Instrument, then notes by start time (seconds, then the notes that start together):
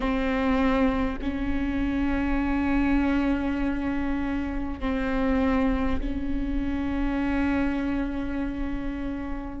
viola
0.00 C4
1.21 C#4
4.79 C4
6.00 C#4